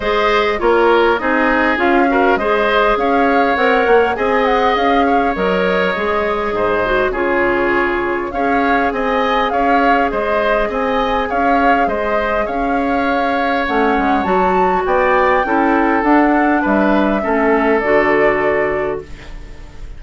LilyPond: <<
  \new Staff \with { instrumentName = "flute" } { \time 4/4 \tempo 4 = 101 dis''4 cis''4 dis''4 f''4 | dis''4 f''4 fis''4 gis''8 fis''8 | f''4 dis''2. | cis''2 f''4 gis''4 |
f''4 dis''4 gis''4 f''4 | dis''4 f''2 fis''4 | a''4 g''2 fis''4 | e''2 d''2 | }
  \new Staff \with { instrumentName = "oboe" } { \time 4/4 c''4 ais'4 gis'4. ais'8 | c''4 cis''2 dis''4~ | dis''8 cis''2~ cis''8 c''4 | gis'2 cis''4 dis''4 |
cis''4 c''4 dis''4 cis''4 | c''4 cis''2.~ | cis''4 d''4 a'2 | b'4 a'2. | }
  \new Staff \with { instrumentName = "clarinet" } { \time 4/4 gis'4 f'4 dis'4 f'8 fis'8 | gis'2 ais'4 gis'4~ | gis'4 ais'4 gis'4. fis'8 | f'2 gis'2~ |
gis'1~ | gis'2. cis'4 | fis'2 e'4 d'4~ | d'4 cis'4 fis'2 | }
  \new Staff \with { instrumentName = "bassoon" } { \time 4/4 gis4 ais4 c'4 cis'4 | gis4 cis'4 c'8 ais8 c'4 | cis'4 fis4 gis4 gis,4 | cis2 cis'4 c'4 |
cis'4 gis4 c'4 cis'4 | gis4 cis'2 a8 gis8 | fis4 b4 cis'4 d'4 | g4 a4 d2 | }
>>